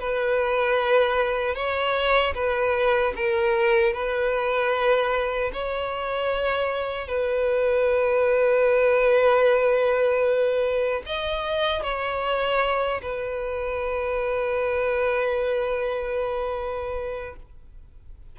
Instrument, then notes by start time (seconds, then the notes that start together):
violin
0.00 B4
1.55 C#5
2.34 B4
3.16 A#4
3.93 B4
5.53 C#5
7.08 B4
11.06 D#5
11.83 C#5
13.02 B4